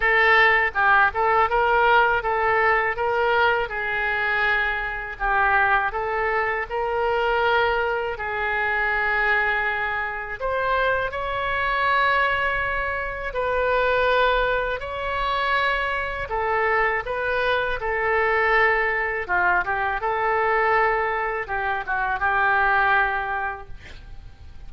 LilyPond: \new Staff \with { instrumentName = "oboe" } { \time 4/4 \tempo 4 = 81 a'4 g'8 a'8 ais'4 a'4 | ais'4 gis'2 g'4 | a'4 ais'2 gis'4~ | gis'2 c''4 cis''4~ |
cis''2 b'2 | cis''2 a'4 b'4 | a'2 f'8 g'8 a'4~ | a'4 g'8 fis'8 g'2 | }